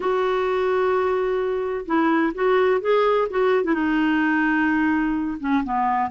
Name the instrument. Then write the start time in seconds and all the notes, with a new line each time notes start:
clarinet
0.00 F#4
1.85 E4
2.34 F#4
2.81 G#4
3.30 F#4
3.63 E4
3.74 D#4
5.40 C#4
5.64 B3